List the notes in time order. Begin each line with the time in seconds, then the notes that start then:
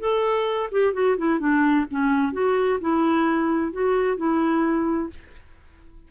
0.00 A4
0.71 G4
0.93 F#4
1.18 E4
1.39 D4
1.91 C#4
2.33 F#4
2.81 E4
3.72 F#4
4.17 E4